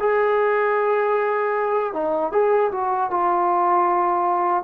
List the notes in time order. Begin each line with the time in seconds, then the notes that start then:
0.00 G#4
1.93 D#4
2.32 G#4
2.72 F#4
3.11 F4